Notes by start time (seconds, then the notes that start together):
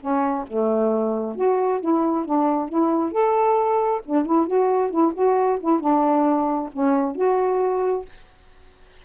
0.00 C#4
0.47 A3
1.35 F#4
1.80 E4
2.25 D4
2.68 E4
3.11 A4
4.05 D4
4.26 E4
4.47 F#4
4.90 E4
5.14 F#4
5.60 E4
5.80 D4
6.72 C#4
7.15 F#4